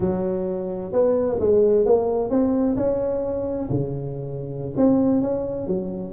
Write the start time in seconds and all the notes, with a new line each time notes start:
0.00 F#3
0.92 B3
1.39 G#3
1.85 A#3
2.30 C4
2.76 C#4
3.69 C#3
4.76 C4
5.21 C#4
5.67 F#3